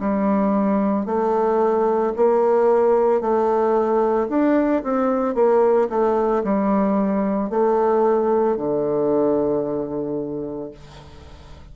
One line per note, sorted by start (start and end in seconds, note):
0.00 1.06 G3
1.06 2.13 A3
2.17 3.21 A#3
3.21 4.29 A3
4.30 4.83 D4
4.84 5.35 C4
5.35 5.89 A#3
5.90 6.43 A3
6.44 7.50 G3
7.50 8.57 A3
8.57 10.71 D3